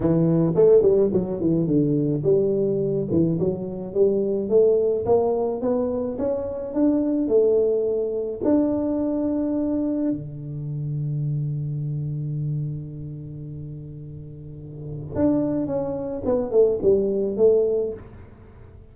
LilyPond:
\new Staff \with { instrumentName = "tuba" } { \time 4/4 \tempo 4 = 107 e4 a8 g8 fis8 e8 d4 | g4. e8 fis4 g4 | a4 ais4 b4 cis'4 | d'4 a2 d'4~ |
d'2 d2~ | d1~ | d2. d'4 | cis'4 b8 a8 g4 a4 | }